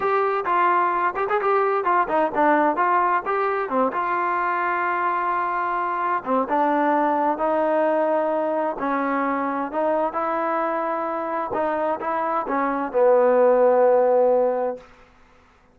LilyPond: \new Staff \with { instrumentName = "trombone" } { \time 4/4 \tempo 4 = 130 g'4 f'4. g'16 gis'16 g'4 | f'8 dis'8 d'4 f'4 g'4 | c'8 f'2.~ f'8~ | f'4. c'8 d'2 |
dis'2. cis'4~ | cis'4 dis'4 e'2~ | e'4 dis'4 e'4 cis'4 | b1 | }